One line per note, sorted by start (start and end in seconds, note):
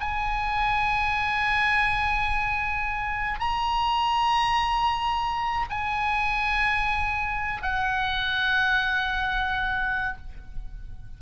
0.00 3.40 G#5
3.40 5.66 A#5
5.70 7.62 G#5
7.62 10.17 F#5